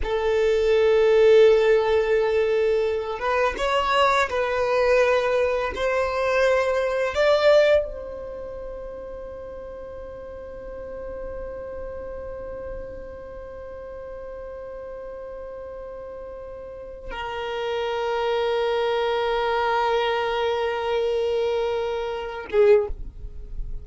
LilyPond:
\new Staff \with { instrumentName = "violin" } { \time 4/4 \tempo 4 = 84 a'1~ | a'8 b'8 cis''4 b'2 | c''2 d''4 c''4~ | c''1~ |
c''1~ | c''1 | ais'1~ | ais'2.~ ais'8 gis'8 | }